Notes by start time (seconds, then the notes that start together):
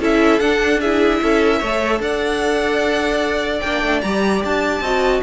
0.00 C#4 E4 A4 E5
0.40 D4 F#5
0.81 E4 G#4 E5
1.22 C#4 A4
1.59 A3 A4 C#5
2.00 D4 D5 F#5
3.60 A#3 D4 G5
3.82 A3
4.02 G3 G4 A#5
4.44 D4 A5
4.81 C4 F#4 D#5